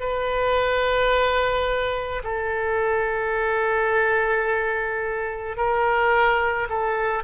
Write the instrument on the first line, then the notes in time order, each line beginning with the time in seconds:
oboe
0.00 B4
2.23 A4
5.57 A#4
6.69 A4